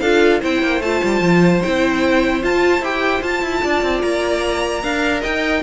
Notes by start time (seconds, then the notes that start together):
0.00 D4 F4 A4 F5
0.40 C4 E4 C5 G5
0.62 A#3
0.81 A3 F4 A5
1.03 G3
1.21 F3
1.63 C4 E4 G5
2.42 F4 A5
2.81 E4 G4 G5
3.21 F4 A5
3.42 E4
3.63 D4 D5
3.82 C4
4.01 A#3 A#5
4.83 D4 A#4 F5
5.21 D#4 D#5 G5